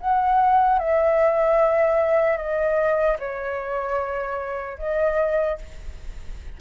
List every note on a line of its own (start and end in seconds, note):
0.00 0.79 F#5
0.79 2.37 E5
2.37 3.17 D#5
3.19 4.78 C#5
4.78 5.58 D#5